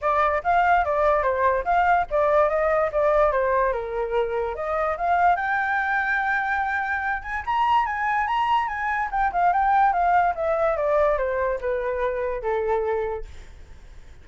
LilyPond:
\new Staff \with { instrumentName = "flute" } { \time 4/4 \tempo 4 = 145 d''4 f''4 d''4 c''4 | f''4 d''4 dis''4 d''4 | c''4 ais'2 dis''4 | f''4 g''2.~ |
g''4. gis''8 ais''4 gis''4 | ais''4 gis''4 g''8 f''8 g''4 | f''4 e''4 d''4 c''4 | b'2 a'2 | }